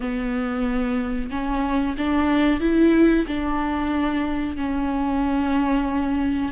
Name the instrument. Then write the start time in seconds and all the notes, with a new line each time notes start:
viola
0.00 B3
1.30 C#4
1.97 D4
2.60 E4
3.27 D4
4.56 C#4